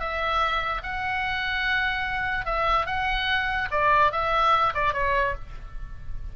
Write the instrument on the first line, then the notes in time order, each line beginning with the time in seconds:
oboe
0.00 E5
0.83 F#5
2.45 E5
2.86 F#5
3.71 D5
4.12 E5
4.74 D5
4.94 C#5